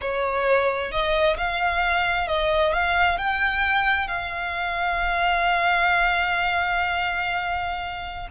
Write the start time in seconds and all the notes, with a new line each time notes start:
0.01 C#5
0.91 D#5
1.37 F5
2.27 D#5
2.72 F5
3.17 G5
4.07 F5